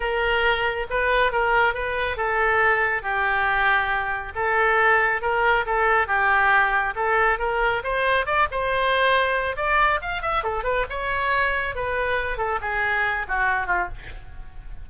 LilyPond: \new Staff \with { instrumentName = "oboe" } { \time 4/4 \tempo 4 = 138 ais'2 b'4 ais'4 | b'4 a'2 g'4~ | g'2 a'2 | ais'4 a'4 g'2 |
a'4 ais'4 c''4 d''8 c''8~ | c''2 d''4 f''8 e''8 | a'8 b'8 cis''2 b'4~ | b'8 a'8 gis'4. fis'4 f'8 | }